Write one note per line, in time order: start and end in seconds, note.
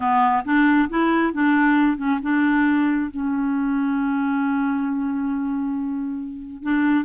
0.00 0.43 B3
0.44 0.88 D4
0.89 1.33 E4
1.33 1.97 D4
1.97 2.19 C#4
2.22 3.10 D4
3.11 6.62 C#4
6.62 7.05 D4